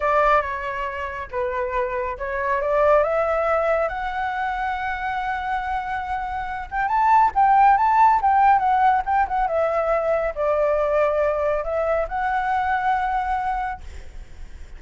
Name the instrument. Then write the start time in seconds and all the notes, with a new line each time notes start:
flute
0.00 D5
0.41 C#5
1.31 B4
2.18 C#5
2.61 D5
3.03 E5
3.88 F#5
6.70 G5
6.88 A5
7.34 G5
7.77 A5
8.21 G5
8.59 F#5
9.05 G5
9.27 F#5
9.47 E5
10.35 D5
11.63 E5
12.08 F#5